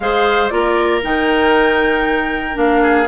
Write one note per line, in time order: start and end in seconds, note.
0.00 0.50 G#3
0.00 0.50 G#4
0.00 0.53 C5
0.00 0.48 F5
0.48 1.02 A#3
0.48 1.01 F4
0.48 2.82 A#4
0.48 1.00 D5
1.02 2.56 D#3
1.02 2.54 D#4
1.02 2.57 G5
2.54 3.07 A#3
2.54 3.05 D4
2.54 3.07 F5
2.82 3.07 G#4